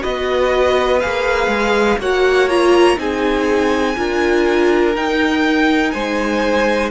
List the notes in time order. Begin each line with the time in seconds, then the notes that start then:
0.00 B3 F#4 B4 D#5
1.00 A#3 G#4 F5
1.47 G#3
1.99 A#3 F#4 C#5 F#5
2.49 F4 A#5
2.96 C4 D#4 G#4 G#5
3.96 D4 F4 A#4
4.95 D#4 G5
5.91 G#3 C5 G#5